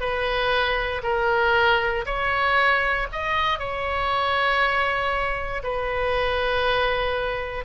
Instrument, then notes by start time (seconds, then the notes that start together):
oboe
0.00 B4
1.03 A#4
2.06 C#5
3.12 D#5
3.59 C#5
5.63 B4